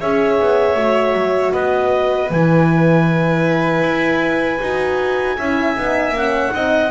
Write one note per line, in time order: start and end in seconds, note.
0.00 0.40 C#4
0.00 0.76 G#4
0.00 1.52 C#5
0.00 1.53 E5
0.40 0.75 B3
0.75 1.14 A3
0.75 2.30 F#4
1.14 1.52 F#3
1.52 2.30 B3
1.52 5.37 B4
1.52 2.29 D#5
2.30 3.82 E3
2.30 4.62 E4
2.30 6.17 G#5
3.82 4.59 E4
4.60 5.37 D#4
4.60 5.39 F#4
5.38 5.76 C#4
5.38 5.76 E4
5.38 6.53 E5
5.76 6.11 B3
5.76 6.14 D#4
6.11 6.49 A#3
6.11 6.51 C#4
6.17 6.91 F#5
6.51 6.91 C4
6.51 6.89 D#4
6.51 6.91 D#5